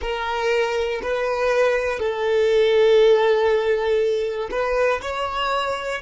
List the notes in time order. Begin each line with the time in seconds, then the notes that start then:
0.00 A#4
1.02 B4
1.99 A4
4.51 B4
5.01 C#5